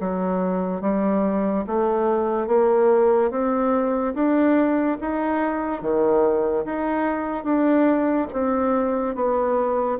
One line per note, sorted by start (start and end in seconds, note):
0.00 0.81 F#3
0.81 1.65 G3
1.67 2.47 A3
2.47 3.31 A#3
3.31 4.14 C4
4.14 4.98 D4
5.01 5.82 D#4
5.82 6.65 D#3
6.66 7.44 D#4
7.44 8.28 D4
8.33 9.15 C4
9.15 9.98 B3